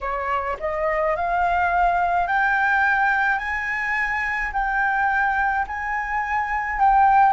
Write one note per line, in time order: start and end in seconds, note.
0.00 0.57 C#5
0.59 1.16 D#5
1.16 2.27 F5
2.27 3.38 G5
3.38 4.51 G#5
4.52 5.66 G5
5.67 6.79 G#5
6.79 7.32 G5